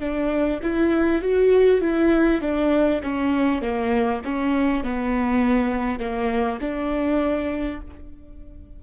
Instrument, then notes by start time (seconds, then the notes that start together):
viola
0.00 D4
0.63 E4
1.22 F#4
1.81 E4
2.41 D4
3.03 C#4
3.62 A#3
4.24 C#4
4.84 B3
5.99 A#3
6.61 D4